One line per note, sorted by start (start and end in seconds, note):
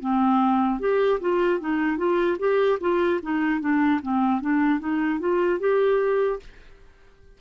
0.00 0.80 C4
0.80 1.20 G4
1.20 1.60 F4
1.60 1.97 D#4
1.97 2.37 F4
2.39 2.79 G4
2.80 3.20 F4
3.23 3.60 D#4
3.60 4.00 D4
4.02 4.41 C4
4.41 4.80 D4
4.80 5.19 D#4
5.19 5.59 F4
5.59 6.39 G4